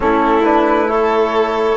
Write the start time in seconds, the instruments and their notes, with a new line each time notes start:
0.00 bassoon A3, trombone C#4, violin E4, flute A4
0.43 trombone D4, flute B4
0.87 trombone E4, violin A4, flute C#5